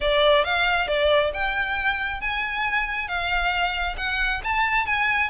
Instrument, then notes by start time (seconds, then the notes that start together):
violin
0.01 D5
0.44 F5
0.87 D5
1.33 G5
2.20 G#5
3.07 F5
3.97 F#5
4.43 A5
4.86 G#5